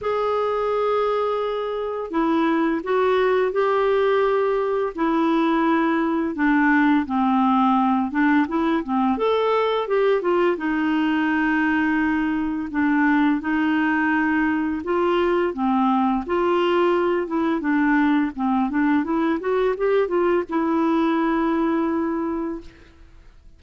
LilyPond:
\new Staff \with { instrumentName = "clarinet" } { \time 4/4 \tempo 4 = 85 gis'2. e'4 | fis'4 g'2 e'4~ | e'4 d'4 c'4. d'8 | e'8 c'8 a'4 g'8 f'8 dis'4~ |
dis'2 d'4 dis'4~ | dis'4 f'4 c'4 f'4~ | f'8 e'8 d'4 c'8 d'8 e'8 fis'8 | g'8 f'8 e'2. | }